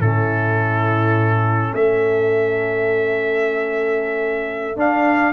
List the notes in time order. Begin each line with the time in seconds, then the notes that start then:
0.00 A2 C#4 E4 A4
1.74 A3 A4 E5
4.76 D4 F5